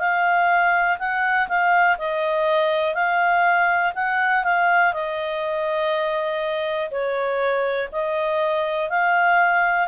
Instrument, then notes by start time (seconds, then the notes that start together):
clarinet
0.00 F5
0.99 F#5
1.49 F5
1.99 D#5
2.95 F5
3.95 F#5
4.44 F5
4.94 D#5
6.91 C#5
7.93 D#5
8.90 F5